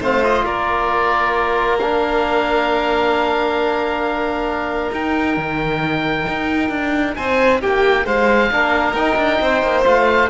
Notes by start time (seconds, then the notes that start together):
0.00 A3 C4 C5 F5
0.23 F4 D#5
0.43 A#3 A#4 D5
1.79 D4 F5
4.92 D#4 G5
5.37 D#3
6.28 D#4
6.69 D4
7.16 C4 C5 G#5
7.61 A#3 G4 G5
8.06 G#3 C5 F5
8.51 A#3 D4 A#4
8.94 D#4 G5
9.17 D4
9.41 C4 C5
9.62 A#3
9.84 A3 F4 F5